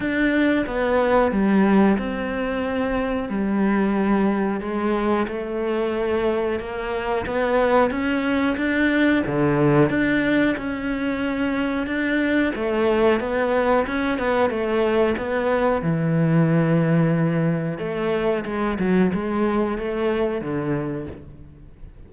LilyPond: \new Staff \with { instrumentName = "cello" } { \time 4/4 \tempo 4 = 91 d'4 b4 g4 c'4~ | c'4 g2 gis4 | a2 ais4 b4 | cis'4 d'4 d4 d'4 |
cis'2 d'4 a4 | b4 cis'8 b8 a4 b4 | e2. a4 | gis8 fis8 gis4 a4 d4 | }